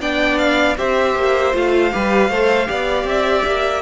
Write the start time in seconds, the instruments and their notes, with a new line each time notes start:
0.00 cello B3, viola D4, violin D5 G5
0.38 violin F5
0.77 cello C4, viola G4, violin C5 E5
1.16 cello A#3
1.53 cello A3, viola F4, violin F5
1.92 cello G3, viola G4, violin B4
2.29 cello A3, viola A4, violin C5
2.67 cello B3, viola G4, violin D5
3.04 cello C4, violin E5
3.46 cello A#3